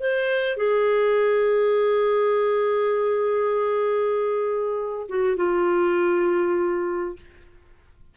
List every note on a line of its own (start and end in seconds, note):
0.00 0.57 C5
0.57 5.07 G#4
5.09 5.37 F#4
5.37 7.17 F4